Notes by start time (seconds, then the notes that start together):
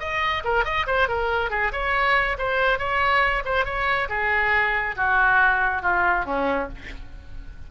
0.00 D#5
0.45 A#4
0.65 D#5
0.87 C5
1.09 A#4
1.50 G#4
1.73 C#5
2.39 C5
2.79 C#5
3.45 C5
3.66 C#5
4.09 G#4
4.96 F#4
5.83 F4
6.26 C#4